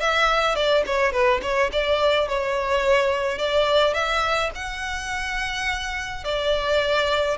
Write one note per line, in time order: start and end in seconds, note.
0.00 0.55 E5
0.55 0.84 D5
0.86 1.12 C#5
1.12 1.40 B4
1.42 1.70 C#5
1.72 2.28 D5
2.28 3.38 C#5
3.38 3.94 D5
3.94 4.51 E5
4.55 6.24 F#5
6.24 7.37 D5